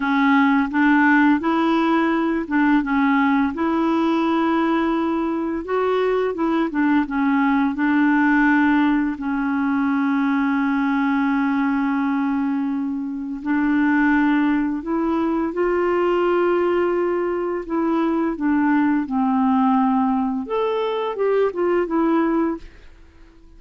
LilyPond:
\new Staff \with { instrumentName = "clarinet" } { \time 4/4 \tempo 4 = 85 cis'4 d'4 e'4. d'8 | cis'4 e'2. | fis'4 e'8 d'8 cis'4 d'4~ | d'4 cis'2.~ |
cis'2. d'4~ | d'4 e'4 f'2~ | f'4 e'4 d'4 c'4~ | c'4 a'4 g'8 f'8 e'4 | }